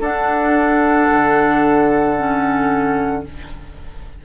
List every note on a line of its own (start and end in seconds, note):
0.00 1.07 D4
0.00 2.15 D4
0.00 3.22 A4
0.00 3.25 F#5
1.11 3.25 D3
2.17 3.25 C#4